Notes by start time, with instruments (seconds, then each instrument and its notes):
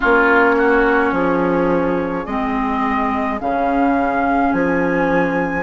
0.00 bassoon A#3, clarinet C#4, oboe F4, flute C#5
0.57 oboe F#4
1.11 bassoon F3, oboe G#4
2.25 bassoon G#3, clarinet C4, flute D#5
3.39 bassoon C#3, clarinet C#4, flute F5
4.52 bassoon F3, flute G#5